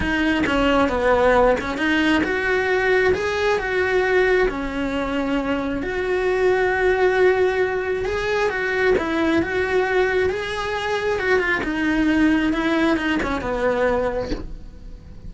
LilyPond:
\new Staff \with { instrumentName = "cello" } { \time 4/4 \tempo 4 = 134 dis'4 cis'4 b4. cis'8 | dis'4 fis'2 gis'4 | fis'2 cis'2~ | cis'4 fis'2.~ |
fis'2 gis'4 fis'4 | e'4 fis'2 gis'4~ | gis'4 fis'8 f'8 dis'2 | e'4 dis'8 cis'8 b2 | }